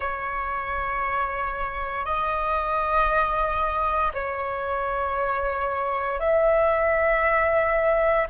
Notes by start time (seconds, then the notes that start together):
0.00 C#5
2.05 D#5
4.14 C#5
6.19 E5